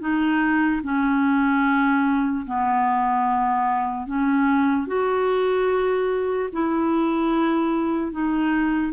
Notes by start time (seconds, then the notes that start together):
0.00 D#4
0.83 C#4
2.46 B3
4.06 C#4
4.87 F#4
6.52 E4
8.12 D#4